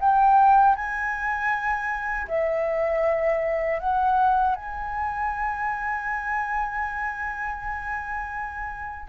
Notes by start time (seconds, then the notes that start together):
0.00 G5
0.76 G#5
2.28 E5
3.80 F#5
4.56 G#5